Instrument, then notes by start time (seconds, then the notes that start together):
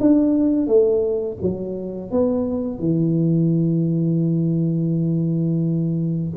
tuba
0.00 D4
0.67 A3
1.42 F#3
2.11 B3
2.79 E3